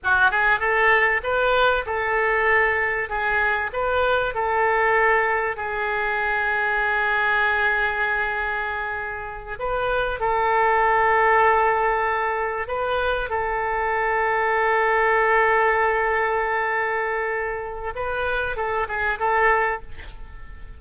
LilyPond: \new Staff \with { instrumentName = "oboe" } { \time 4/4 \tempo 4 = 97 fis'8 gis'8 a'4 b'4 a'4~ | a'4 gis'4 b'4 a'4~ | a'4 gis'2.~ | gis'2.~ gis'8 b'8~ |
b'8 a'2.~ a'8~ | a'8 b'4 a'2~ a'8~ | a'1~ | a'4 b'4 a'8 gis'8 a'4 | }